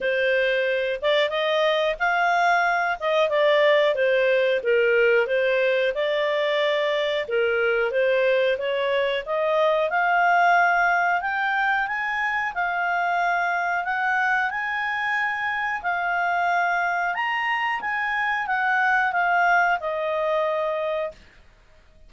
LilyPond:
\new Staff \with { instrumentName = "clarinet" } { \time 4/4 \tempo 4 = 91 c''4. d''8 dis''4 f''4~ | f''8 dis''8 d''4 c''4 ais'4 | c''4 d''2 ais'4 | c''4 cis''4 dis''4 f''4~ |
f''4 g''4 gis''4 f''4~ | f''4 fis''4 gis''2 | f''2 ais''4 gis''4 | fis''4 f''4 dis''2 | }